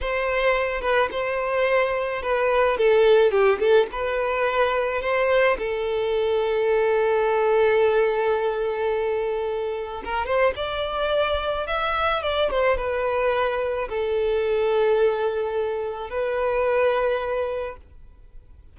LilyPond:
\new Staff \with { instrumentName = "violin" } { \time 4/4 \tempo 4 = 108 c''4. b'8 c''2 | b'4 a'4 g'8 a'8 b'4~ | b'4 c''4 a'2~ | a'1~ |
a'2 ais'8 c''8 d''4~ | d''4 e''4 d''8 c''8 b'4~ | b'4 a'2.~ | a'4 b'2. | }